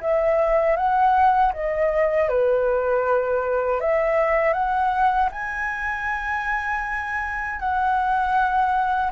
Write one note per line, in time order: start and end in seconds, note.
0.00 0.76 E5
0.76 1.52 F#5
1.53 2.29 D#5
2.29 3.80 B4
3.80 4.53 E5
4.53 5.29 F#5
5.31 7.59 G#5
7.59 9.11 F#5